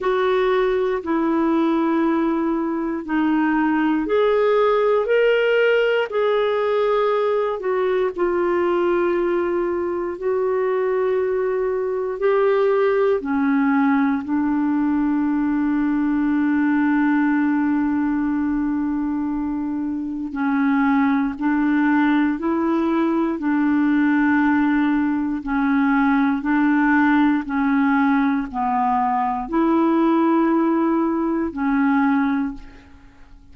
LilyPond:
\new Staff \with { instrumentName = "clarinet" } { \time 4/4 \tempo 4 = 59 fis'4 e'2 dis'4 | gis'4 ais'4 gis'4. fis'8 | f'2 fis'2 | g'4 cis'4 d'2~ |
d'1 | cis'4 d'4 e'4 d'4~ | d'4 cis'4 d'4 cis'4 | b4 e'2 cis'4 | }